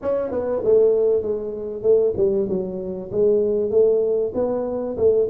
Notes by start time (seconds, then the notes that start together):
0.02 C#4
0.31 B3
0.64 A3
1.22 G#3
1.82 A3
2.16 G3
2.48 F#3
3.11 G#3
3.70 A3
4.34 B3
4.97 A3